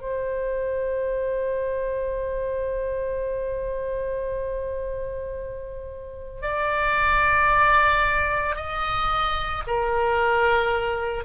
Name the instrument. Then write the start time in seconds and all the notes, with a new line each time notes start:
oboe
0.00 C5
6.42 D5
8.56 D#5
9.67 A#4